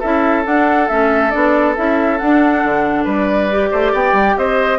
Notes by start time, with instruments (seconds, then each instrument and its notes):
0.00 bassoon C#4, clarinet E4, oboe A4, flute E5
0.45 clarinet D4, bassoon D4, flute F#5
0.89 bassoon A3, clarinet C#4, flute E5
1.31 bassoon B3, clarinet D4, flute D5
1.76 bassoon C#4, clarinet E4, flute E5
2.18 clarinet D4, bassoon D4, flute F#5
2.64 bassoon D3
3.04 bassoon G3, oboe B4, flute D5
3.51 clarinet G4
3.72 bassoon A3, oboe C5
3.92 bassoon B3, oboe D5, flute G5
4.13 bassoon G3
4.38 bassoon C4, oboe C5, flute D#5